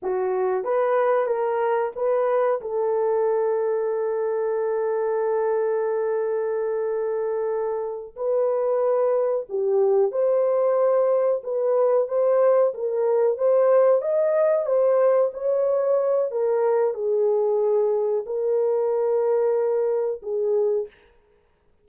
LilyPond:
\new Staff \with { instrumentName = "horn" } { \time 4/4 \tempo 4 = 92 fis'4 b'4 ais'4 b'4 | a'1~ | a'1~ | a'8 b'2 g'4 c''8~ |
c''4. b'4 c''4 ais'8~ | ais'8 c''4 dis''4 c''4 cis''8~ | cis''4 ais'4 gis'2 | ais'2. gis'4 | }